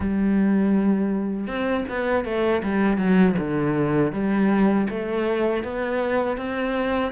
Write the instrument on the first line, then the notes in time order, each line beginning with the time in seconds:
cello
0.00 G3
1.47 C4
1.89 B3
2.24 A3
2.62 G3
2.97 F#3
3.38 D3
4.12 G3
4.89 A3
5.63 B3
6.37 C4